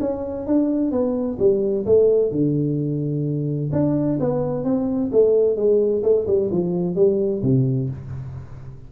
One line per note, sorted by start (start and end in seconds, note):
0.00 0.47 C#4
0.47 0.91 D4
0.91 1.38 B3
1.39 1.85 G3
1.85 2.31 A3
2.31 3.71 D3
3.72 4.18 D4
4.20 4.64 B3
4.64 5.11 C4
5.12 5.56 A3
5.56 6.02 G#3
6.03 6.26 A3
6.27 6.50 G3
6.51 6.95 F3
6.95 7.42 G3
7.43 7.89 C3